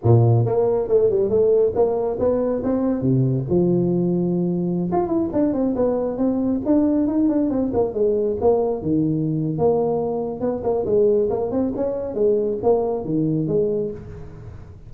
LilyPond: \new Staff \with { instrumentName = "tuba" } { \time 4/4 \tempo 4 = 138 ais,4 ais4 a8 g8 a4 | ais4 b4 c'4 c4 | f2.~ f16 f'8 e'16~ | e'16 d'8 c'8 b4 c'4 d'8.~ |
d'16 dis'8 d'8 c'8 ais8 gis4 ais8.~ | ais16 dis4.~ dis16 ais2 | b8 ais8 gis4 ais8 c'8 cis'4 | gis4 ais4 dis4 gis4 | }